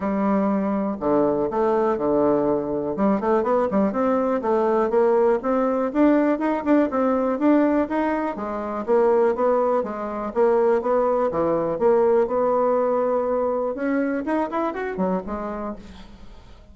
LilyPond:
\new Staff \with { instrumentName = "bassoon" } { \time 4/4 \tempo 4 = 122 g2 d4 a4 | d2 g8 a8 b8 g8 | c'4 a4 ais4 c'4 | d'4 dis'8 d'8 c'4 d'4 |
dis'4 gis4 ais4 b4 | gis4 ais4 b4 e4 | ais4 b2. | cis'4 dis'8 e'8 fis'8 fis8 gis4 | }